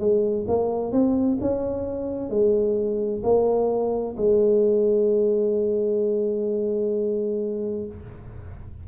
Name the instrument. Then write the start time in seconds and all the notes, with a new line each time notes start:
tuba
0.00 G#3
0.48 A#3
0.92 C4
1.41 C#4
2.30 G#3
3.24 A#3
4.17 G#3